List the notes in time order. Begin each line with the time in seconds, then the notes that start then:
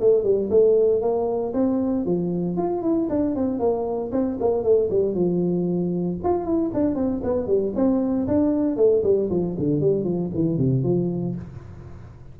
0.00 A3
0.23 G3
0.50 A3
1.01 A#3
1.54 C4
2.05 F3
2.57 F4
2.82 E4
3.09 D4
3.36 C4
3.59 A#3
4.12 C4
4.40 A#3
4.63 A3
4.90 G3
5.14 F3
6.24 F4
6.45 E4
6.74 D4
6.95 C4
7.23 B3
7.47 G3
7.75 C4
8.27 D4
8.76 A3
9.04 G3
9.30 F3
9.59 D3
9.80 G3
10.04 F3
10.34 E3
10.58 C3
10.83 F3